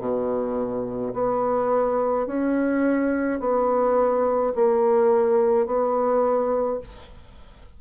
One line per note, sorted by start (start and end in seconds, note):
0.00 1.13 B2
1.14 2.27 B3
2.27 3.40 C#4
3.40 4.53 B3
4.55 5.67 A#3
5.67 6.80 B3